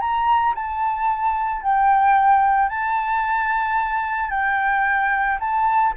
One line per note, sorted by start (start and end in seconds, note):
0.00 0.54 A#5
0.55 1.62 A5
1.62 2.69 G5
2.69 4.30 A5
4.30 5.38 G5
5.39 5.93 A5